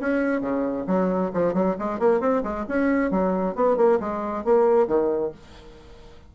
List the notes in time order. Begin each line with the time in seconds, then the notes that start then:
0.00 C#4
0.41 C#3
0.87 F#3
1.33 F3
1.54 F#3
1.79 G#3
1.99 A#3
2.20 C4
2.43 G#3
2.68 C#4
3.11 F#3
3.55 B3
3.77 A#3
4.00 G#3
4.44 A#3
4.87 D#3